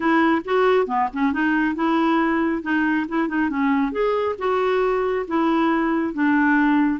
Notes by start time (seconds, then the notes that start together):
0.00 E4
0.45 F#4
0.86 B3
1.13 C#4
1.32 D#4
1.75 E4
2.62 D#4
3.08 E4
3.28 D#4
3.49 C#4
3.92 G#4
4.38 F#4
5.27 E4
6.13 D4